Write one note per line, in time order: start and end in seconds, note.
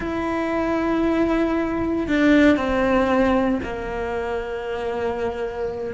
0.00 2.07 E4
2.07 2.57 D4
2.57 3.60 C4
3.63 5.94 A#3